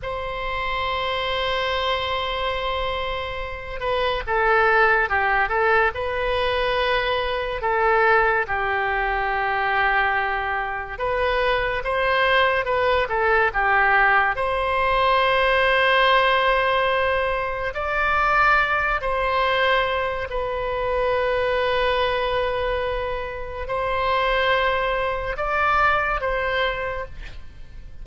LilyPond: \new Staff \with { instrumentName = "oboe" } { \time 4/4 \tempo 4 = 71 c''1~ | c''8 b'8 a'4 g'8 a'8 b'4~ | b'4 a'4 g'2~ | g'4 b'4 c''4 b'8 a'8 |
g'4 c''2.~ | c''4 d''4. c''4. | b'1 | c''2 d''4 c''4 | }